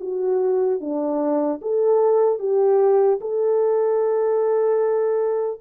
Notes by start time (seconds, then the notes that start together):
0.00 F#4
0.80 D4
1.61 A4
2.39 G4
3.20 A4